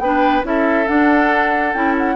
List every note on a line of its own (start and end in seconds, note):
0.00 0.43 B3
0.00 0.43 D4
0.00 0.47 B4
0.00 0.43 G5
0.43 0.87 C#4
0.43 0.86 E4
0.43 2.16 A4
0.43 0.88 E5
0.87 1.73 D4
0.87 1.74 D4
0.87 1.73 F#5
1.73 2.16 C#4
1.73 2.16 E4
1.73 1.95 G5
1.98 2.16 F#5